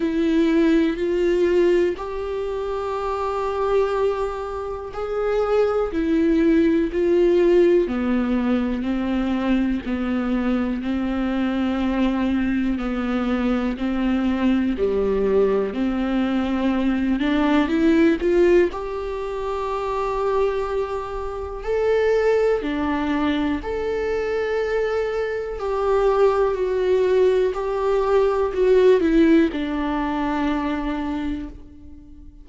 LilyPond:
\new Staff \with { instrumentName = "viola" } { \time 4/4 \tempo 4 = 61 e'4 f'4 g'2~ | g'4 gis'4 e'4 f'4 | b4 c'4 b4 c'4~ | c'4 b4 c'4 g4 |
c'4. d'8 e'8 f'8 g'4~ | g'2 a'4 d'4 | a'2 g'4 fis'4 | g'4 fis'8 e'8 d'2 | }